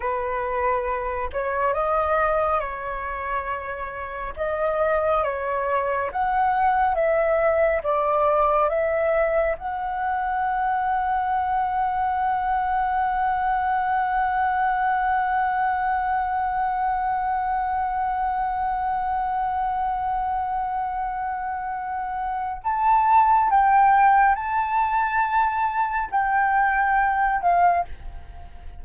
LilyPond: \new Staff \with { instrumentName = "flute" } { \time 4/4 \tempo 4 = 69 b'4. cis''8 dis''4 cis''4~ | cis''4 dis''4 cis''4 fis''4 | e''4 d''4 e''4 fis''4~ | fis''1~ |
fis''1~ | fis''1~ | fis''2 a''4 g''4 | a''2 g''4. f''8 | }